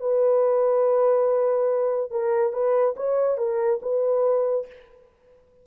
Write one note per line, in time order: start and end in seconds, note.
0.00 2.11 B4
2.11 2.52 A#4
2.52 2.95 B4
2.96 3.38 C#5
3.38 3.80 A#4
3.82 4.66 B4